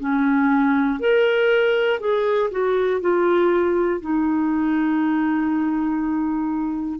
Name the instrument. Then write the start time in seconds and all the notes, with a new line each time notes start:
clarinet
0.00 C#4
1.00 A#4
2.00 G#4
2.51 F#4
3.01 F4
4.01 D#4